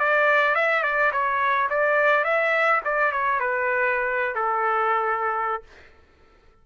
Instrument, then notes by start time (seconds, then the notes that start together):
trumpet
0.00 D5
0.56 E5
0.84 D5
1.12 C#5
1.70 D5
2.25 E5
2.85 D5
3.12 C#5
3.40 B4
4.36 A4